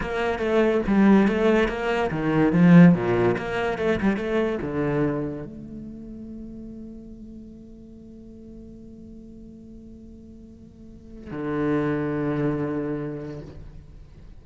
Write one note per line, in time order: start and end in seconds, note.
0.01 0.38 A#3
0.38 0.80 A3
0.87 1.27 G3
1.27 1.68 A3
1.68 2.10 A#3
2.11 2.52 D#3
2.52 2.94 F3
2.94 3.36 A#2
3.37 3.78 A#3
3.78 3.99 A3
4.01 4.16 G3
4.16 4.58 A3
4.62 5.45 D3
5.45 11.31 A3
11.31 13.41 D3